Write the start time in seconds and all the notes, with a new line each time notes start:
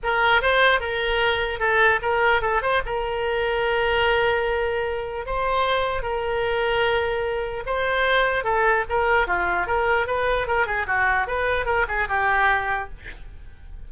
0.03 A#4
0.41 C5
0.80 A#4
1.59 A4
2.02 A#4
2.41 A4
2.62 C5
2.85 A#4
5.26 C5
6.02 A#4
7.65 C5
8.44 A4
8.89 A#4
9.27 F4
9.66 A#4
10.06 B4
10.47 A#4
10.66 G#4
10.87 F#4
11.27 B4
11.65 A#4
11.88 G#4
12.08 G4